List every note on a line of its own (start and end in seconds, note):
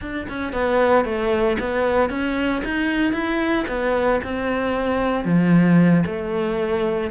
0.01 0.27 D4
0.28 0.53 C#4
0.53 1.04 B3
1.04 1.57 A3
1.59 2.09 B3
2.09 2.62 C#4
2.64 3.12 D#4
3.12 3.65 E4
3.67 4.20 B3
4.24 5.25 C4
5.25 6.04 F3
6.06 7.11 A3